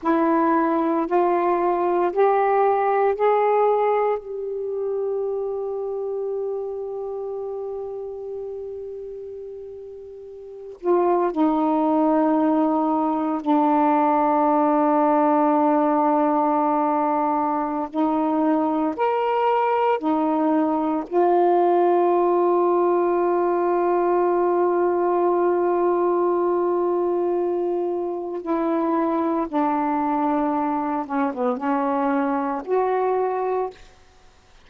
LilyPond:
\new Staff \with { instrumentName = "saxophone" } { \time 4/4 \tempo 4 = 57 e'4 f'4 g'4 gis'4 | g'1~ | g'2~ g'16 f'8 dis'4~ dis'16~ | dis'8. d'2.~ d'16~ |
d'4 dis'4 ais'4 dis'4 | f'1~ | f'2. e'4 | d'4. cis'16 b16 cis'4 fis'4 | }